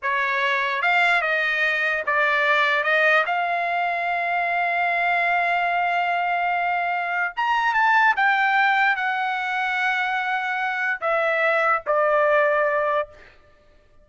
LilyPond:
\new Staff \with { instrumentName = "trumpet" } { \time 4/4 \tempo 4 = 147 cis''2 f''4 dis''4~ | dis''4 d''2 dis''4 | f''1~ | f''1~ |
f''2 ais''4 a''4 | g''2 fis''2~ | fis''2. e''4~ | e''4 d''2. | }